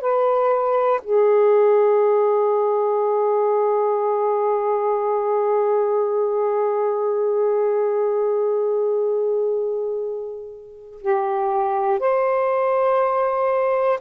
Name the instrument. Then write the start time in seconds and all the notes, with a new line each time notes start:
saxophone
0.00 B4
1.03 G#4
11.01 G4
11.99 C5